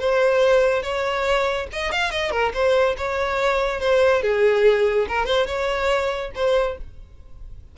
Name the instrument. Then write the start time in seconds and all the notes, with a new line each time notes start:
violin
0.00 C5
0.83 C#5
1.73 D#5
1.92 F5
2.11 D#5
2.31 A#4
2.54 C5
2.98 C#5
3.80 C5
4.22 G#4
5.08 A#4
5.26 C5
5.47 C#5
6.35 C5